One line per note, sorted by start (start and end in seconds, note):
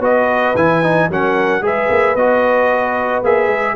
0.00 0.54 B3
0.00 0.55 F#4
0.00 1.08 B4
0.00 0.56 D#5
0.55 1.09 E3
0.55 0.83 E4
0.55 1.10 G#5
0.83 1.10 D#4
1.09 1.61 F#3
1.09 1.62 C#4
1.09 1.64 A#4
1.09 1.66 F#5
1.61 1.88 G#3
1.61 2.15 G#4
1.61 3.76 B4
1.61 2.16 E5
1.90 2.15 A#3
2.15 3.22 B3
2.15 3.24 F#4
2.15 3.23 D#5
3.23 3.47 A#3
3.23 3.76 G#4
3.23 3.76 E5
3.47 3.74 G#3